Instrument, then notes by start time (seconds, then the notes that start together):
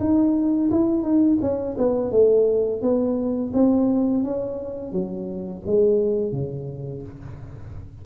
tuba
0.00 D#4
0.71 E4
1.03 D#4
1.41 C#4
1.78 B3
2.11 A3
2.82 B3
3.54 C4
4.24 C#4
4.92 F#3
5.66 G#3
6.32 C#3